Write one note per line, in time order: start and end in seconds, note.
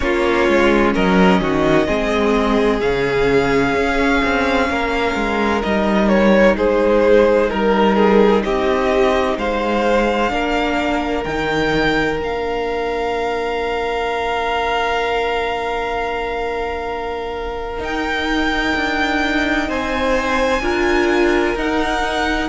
0.00 0.48 A#3
0.00 1.86 C#4
0.00 0.93 F4
0.00 0.91 C#5
0.48 0.95 G#3
0.93 1.40 F#3
0.93 1.40 A#4
0.93 2.80 D#5
1.40 1.87 D#3
1.40 1.87 F#4
1.86 2.80 G#3
1.86 2.80 C4
1.86 4.68 G#4
2.80 3.74 C#3
2.80 5.62 C#4
2.80 5.61 F5
3.74 4.21 C#4
4.24 4.69 C4
4.69 5.15 A#3
4.69 6.56 A#4
5.15 5.62 G#3
5.62 6.56 G3
5.62 10.28 D#4
5.62 6.08 D#5
6.08 6.55 C#5
6.56 7.49 G#3
6.56 7.49 G#4
6.56 7.50 C5
7.49 8.45 G3
7.49 7.96 A#4
7.49 8.43 A#4
7.96 8.43 G#4
8.43 9.37 C4
8.43 9.38 G4
8.43 9.37 D#5
9.37 10.30 G#3
9.37 10.32 C5
9.37 11.23 F5
10.28 11.24 A#3
10.28 11.22 D4
10.28 19.68 A#4
11.23 12.19 D#3
11.23 12.19 D#4
11.23 12.17 G5
12.19 17.79 A#3
12.19 17.78 D4
12.19 17.83 F5
17.78 20.59 D#4
17.78 18.73 D#4
17.78 19.70 G5
18.76 19.69 D4
19.68 20.60 C4
19.68 20.62 C5
19.68 21.57 G#5
20.60 21.54 D4
20.60 21.56 F4
20.60 22.48 A#4
21.55 22.48 D#4
21.55 22.48 F#5